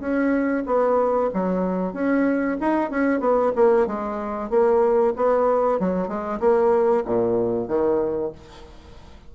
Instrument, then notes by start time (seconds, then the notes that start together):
bassoon
0.00 C#4
0.66 B3
1.34 F#3
1.93 C#4
2.60 D#4
2.90 C#4
3.20 B3
3.55 A#3
3.87 G#3
4.50 A#3
5.16 B3
5.80 F#3
6.08 G#3
6.40 A#3
7.05 A#2
7.68 D#3